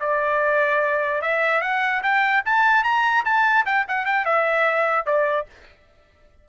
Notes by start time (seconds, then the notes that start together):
0.00 D5
1.21 E5
1.61 F#5
2.03 G5
2.45 A5
2.83 A#5
3.25 A5
3.65 G5
3.88 F#5
4.06 G5
4.25 E5
5.06 D5